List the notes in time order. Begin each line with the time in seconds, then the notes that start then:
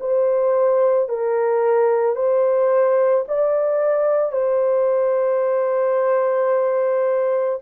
0.00 C5
1.09 A#4
2.16 C5
3.28 D5
4.32 C5